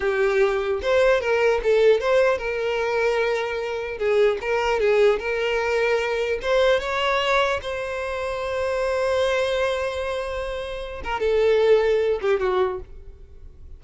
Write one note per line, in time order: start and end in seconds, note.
0.00 0.80 G4
0.82 1.21 C5
1.21 1.61 A#4
1.63 2.00 A4
2.00 2.37 C5
2.37 3.97 A#4
3.98 4.38 G#4
4.41 4.80 A#4
4.80 5.19 G#4
5.19 6.39 A#4
6.41 6.79 C5
6.79 7.59 C#5
7.62 11.02 C5
11.04 11.19 A#4
11.19 12.19 A4
12.21 12.40 G4
12.40 12.80 F#4